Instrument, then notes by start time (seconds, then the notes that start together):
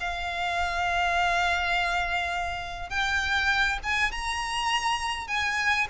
violin
0.00 F5
2.89 G5
3.83 G#5
4.11 A#5
5.27 G#5